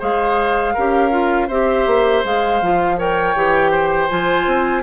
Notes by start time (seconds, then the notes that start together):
0.00 G#3 G#4 C5 F5
0.74 C#4 G4 A#4
1.11 F4
1.48 C4 G4 C5 E5
1.87 A#3
2.25 G#3 G#4 F5
2.62 F3 F4
2.98 A#4 C#5 G5
3.35 E3 G4
3.72 C5
4.09 F3 F4 G#5
4.47 C4